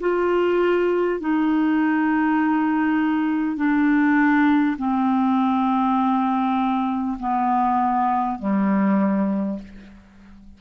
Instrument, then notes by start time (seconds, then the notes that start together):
clarinet
0.00 F4
1.20 D#4
3.57 D4
4.78 C4
7.19 B3
8.39 G3